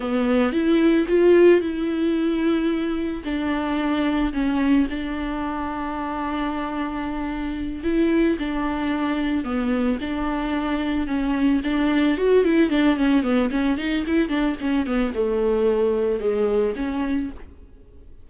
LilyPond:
\new Staff \with { instrumentName = "viola" } { \time 4/4 \tempo 4 = 111 b4 e'4 f'4 e'4~ | e'2 d'2 | cis'4 d'2.~ | d'2~ d'8 e'4 d'8~ |
d'4. b4 d'4.~ | d'8 cis'4 d'4 fis'8 e'8 d'8 | cis'8 b8 cis'8 dis'8 e'8 d'8 cis'8 b8 | a2 gis4 cis'4 | }